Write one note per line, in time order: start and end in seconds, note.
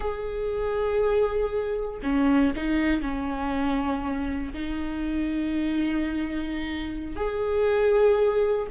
0.00 2.00 G#4
2.03 2.53 C#4
2.56 3.01 D#4
3.01 4.52 C#4
4.53 7.16 D#4
7.16 8.67 G#4